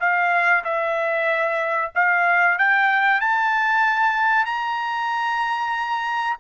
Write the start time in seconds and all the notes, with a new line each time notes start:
0.00 F5
0.64 E5
1.95 F5
2.58 G5
3.21 A5
4.45 A#5